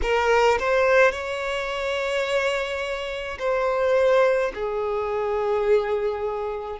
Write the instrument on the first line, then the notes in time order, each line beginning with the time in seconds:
violin
0.02 A#4
0.59 C5
1.11 C#5
3.39 C5
4.54 G#4